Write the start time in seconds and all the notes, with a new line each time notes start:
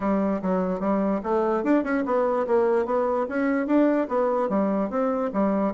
0.00 G3
0.42 F#3
0.80 G3
1.23 A3
1.63 D4
1.83 C#4
2.05 B3
2.47 A#3
2.85 B3
3.28 C#4
3.66 D4
4.08 B3
4.49 G3
4.90 C4
5.33 G3